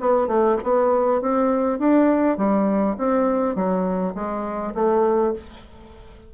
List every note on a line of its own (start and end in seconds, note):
0.00 0.27 B3
0.27 0.57 A3
0.63 1.21 B3
1.21 1.79 C4
1.79 2.37 D4
2.37 2.96 G3
2.98 3.55 C4
3.55 4.14 F#3
4.14 4.73 G#3
4.75 5.33 A3